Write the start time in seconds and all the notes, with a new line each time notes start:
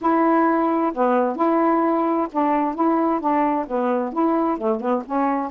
0.01 E4
0.93 B3
1.35 E4
2.32 D4
2.74 E4
3.20 D4
3.67 B3
4.12 E4
4.57 A3
4.80 B3
5.05 C#4